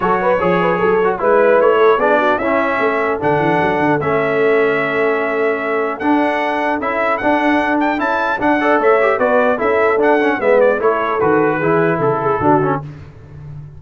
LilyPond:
<<
  \new Staff \with { instrumentName = "trumpet" } { \time 4/4 \tempo 4 = 150 cis''2. b'4 | cis''4 d''4 e''2 | fis''2 e''2~ | e''2. fis''4~ |
fis''4 e''4 fis''4. g''8 | a''4 fis''4 e''4 d''4 | e''4 fis''4 e''8 d''8 cis''4 | b'2 a'2 | }
  \new Staff \with { instrumentName = "horn" } { \time 4/4 a'8 b'8 cis''8 b'8 a'4 b'4~ | b'8 a'8 gis'8 fis'8 e'4 a'4~ | a'1~ | a'1~ |
a'1~ | a'4. d''8 cis''4 b'4 | a'2 b'4 a'4~ | a'4 gis'4 a'8 gis'8 fis'4 | }
  \new Staff \with { instrumentName = "trombone" } { \time 4/4 fis'4 gis'4. fis'8 e'4~ | e'4 d'4 cis'2 | d'2 cis'2~ | cis'2. d'4~ |
d'4 e'4 d'2 | e'4 d'8 a'4 g'8 fis'4 | e'4 d'8 cis'8 b4 e'4 | fis'4 e'2 d'8 cis'8 | }
  \new Staff \with { instrumentName = "tuba" } { \time 4/4 fis4 f4 fis4 gis4 | a4 b4 cis'4 a4 | d8 e8 fis8 d8 a2~ | a2. d'4~ |
d'4 cis'4 d'2 | cis'4 d'4 a4 b4 | cis'4 d'4 gis4 a4 | dis4 e4 cis4 d4 | }
>>